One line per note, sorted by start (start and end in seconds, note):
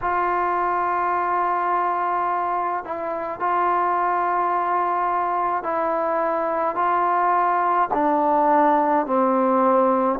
0.01 2.84 F4
2.84 3.39 E4
3.39 5.63 F4
5.63 6.75 E4
6.75 7.88 F4
7.93 9.06 D4
9.06 10.19 C4